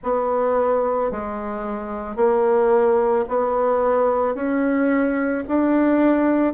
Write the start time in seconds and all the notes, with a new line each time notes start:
0.03 B3
1.11 G#3
2.16 A#3
3.28 B3
4.34 C#4
5.47 D4